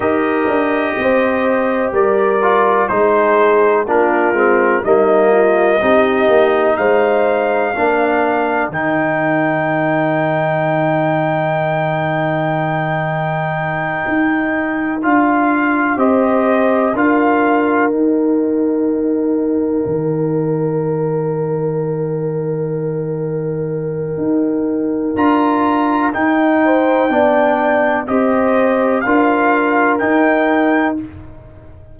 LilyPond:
<<
  \new Staff \with { instrumentName = "trumpet" } { \time 4/4 \tempo 4 = 62 dis''2 d''4 c''4 | ais'4 dis''2 f''4~ | f''4 g''2.~ | g''2.~ g''8 f''8~ |
f''8 dis''4 f''4 g''4.~ | g''1~ | g''2 ais''4 g''4~ | g''4 dis''4 f''4 g''4 | }
  \new Staff \with { instrumentName = "horn" } { \time 4/4 ais'4 c''4 ais'4 gis'4 | f'4 dis'8 f'8 g'4 c''4 | ais'1~ | ais'1~ |
ais'8 c''4 ais'2~ ais'8~ | ais'1~ | ais'2.~ ais'8 c''8 | d''4 c''4 ais'2 | }
  \new Staff \with { instrumentName = "trombone" } { \time 4/4 g'2~ g'8 f'8 dis'4 | d'8 c'8 ais4 dis'2 | d'4 dis'2.~ | dis'2.~ dis'8 f'8~ |
f'8 g'4 f'4 dis'4.~ | dis'1~ | dis'2 f'4 dis'4 | d'4 g'4 f'4 dis'4 | }
  \new Staff \with { instrumentName = "tuba" } { \time 4/4 dis'8 d'8 c'4 g4 gis4 | ais8 gis8 g4 c'8 ais8 gis4 | ais4 dis2.~ | dis2~ dis8 dis'4 d'8~ |
d'8 c'4 d'4 dis'4.~ | dis'8 dis2.~ dis8~ | dis4 dis'4 d'4 dis'4 | b4 c'4 d'4 dis'4 | }
>>